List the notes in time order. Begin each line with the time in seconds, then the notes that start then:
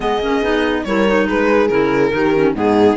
0.00 G#3 B3 G#4 D#5
0.19 A#3 C#4
0.41 B3 D#4
0.84 G3 E4 A#4 C#5
1.07 D#4
1.27 G#3 G#4 B4
1.68 C#3 E4 A#4
2.11 D#3 D#4 G4
2.35 C#4
2.54 G#2 B3 D#4 G#4